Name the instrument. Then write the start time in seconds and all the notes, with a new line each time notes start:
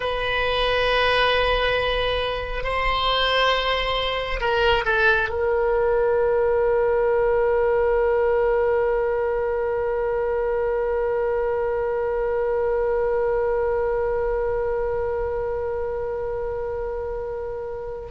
oboe
0.00 B4
2.63 C5
4.40 A#4
4.85 A4
5.29 A#4